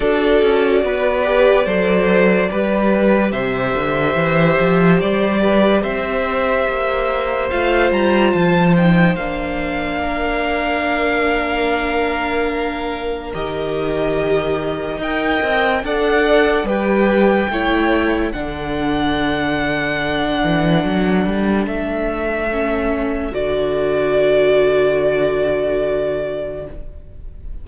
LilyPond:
<<
  \new Staff \with { instrumentName = "violin" } { \time 4/4 \tempo 4 = 72 d''1 | e''2 d''4 e''4~ | e''4 f''8 ais''8 a''8 g''8 f''4~ | f''1 |
dis''2 g''4 fis''4 | g''2 fis''2~ | fis''2 e''2 | d''1 | }
  \new Staff \with { instrumentName = "violin" } { \time 4/4 a'4 b'4 c''4 b'4 | c''2~ c''8 b'8 c''4~ | c''1 | ais'1~ |
ais'2 dis''4 d''4 | b'4 cis''4 a'2~ | a'1~ | a'1 | }
  \new Staff \with { instrumentName = "viola" } { \time 4/4 fis'4. g'8 a'4 g'4~ | g'1~ | g'4 f'4. dis'8 d'4~ | d'1 |
g'2 ais'4 a'4 | g'4 e'4 d'2~ | d'2. cis'4 | fis'1 | }
  \new Staff \with { instrumentName = "cello" } { \time 4/4 d'8 cis'8 b4 fis4 g4 | c8 d8 e8 f8 g4 c'4 | ais4 a8 g8 f4 ais4~ | ais1 |
dis2 dis'8 c'8 d'4 | g4 a4 d2~ | d8 e8 fis8 g8 a2 | d1 | }
>>